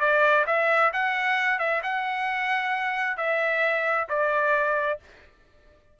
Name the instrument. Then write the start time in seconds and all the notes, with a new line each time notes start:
trumpet
0.00 D5
0.47 E5
0.93 F#5
1.59 E5
1.84 F#5
3.17 E5
4.09 D5